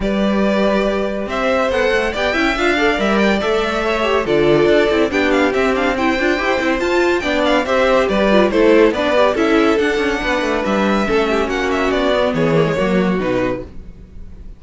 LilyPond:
<<
  \new Staff \with { instrumentName = "violin" } { \time 4/4 \tempo 4 = 141 d''2. e''4 | fis''4 g''4 f''4 e''8 g''8 | e''2 d''2 | g''8 f''8 e''8 f''8 g''2 |
a''4 g''8 f''8 e''4 d''4 | c''4 d''4 e''4 fis''4~ | fis''4 e''2 fis''8 e''8 | d''4 cis''2 b'4 | }
  \new Staff \with { instrumentName = "violin" } { \time 4/4 b'2. c''4~ | c''4 d''8 e''4 d''4.~ | d''4 cis''4 a'2 | g'2 c''2~ |
c''4 d''4 c''4 b'4 | a'4 b'4 a'2 | b'2 a'8 g'8 fis'4~ | fis'4 gis'4 fis'2 | }
  \new Staff \with { instrumentName = "viola" } { \time 4/4 g'1 | a'4 g'8 e'8 f'8 a'8 ais'4 | a'4. g'8 f'4. e'8 | d'4 c'8 d'8 e'8 f'8 g'8 e'8 |
f'4 d'4 g'4. f'8 | e'4 d'8 g'8 e'4 d'4~ | d'2 cis'2~ | cis'8 b4 ais16 gis16 ais4 dis'4 | }
  \new Staff \with { instrumentName = "cello" } { \time 4/4 g2. c'4 | b8 a8 b8 cis'8 d'4 g4 | a2 d4 d'8 c'8 | b4 c'4. d'8 e'8 c'8 |
f'4 b4 c'4 g4 | a4 b4 cis'4 d'8 cis'8 | b8 a8 g4 a4 ais4 | b4 e4 fis4 b,4 | }
>>